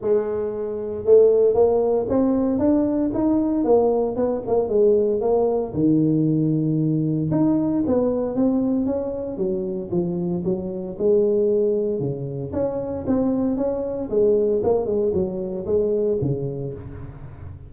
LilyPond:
\new Staff \with { instrumentName = "tuba" } { \time 4/4 \tempo 4 = 115 gis2 a4 ais4 | c'4 d'4 dis'4 ais4 | b8 ais8 gis4 ais4 dis4~ | dis2 dis'4 b4 |
c'4 cis'4 fis4 f4 | fis4 gis2 cis4 | cis'4 c'4 cis'4 gis4 | ais8 gis8 fis4 gis4 cis4 | }